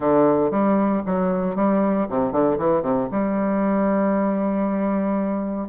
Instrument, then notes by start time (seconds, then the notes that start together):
bassoon
0.00 D3
0.50 G3
1.06 F#3
1.55 G3
2.09 C3
2.31 D3
2.58 E3
2.82 C3
3.11 G3